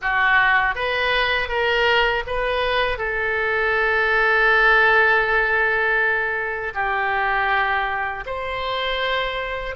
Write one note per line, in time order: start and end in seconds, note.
0.01 0.75 F#4
0.75 1.48 B4
1.48 2.23 A#4
2.26 2.98 B4
2.98 6.73 A4
6.74 8.24 G4
8.26 9.75 C5